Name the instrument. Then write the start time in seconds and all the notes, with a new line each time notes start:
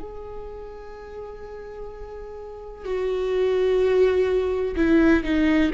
viola
0.00 G#4
2.85 F#4
4.77 E4
5.24 D#4